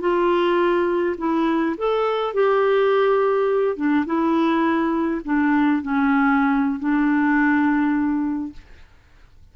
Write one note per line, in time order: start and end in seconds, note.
0.00 1.15 F4
1.18 1.75 E4
1.77 2.33 A4
2.33 3.76 G4
3.76 4.05 D4
4.05 5.21 E4
5.24 5.82 D4
5.82 6.79 C#4
6.79 8.52 D4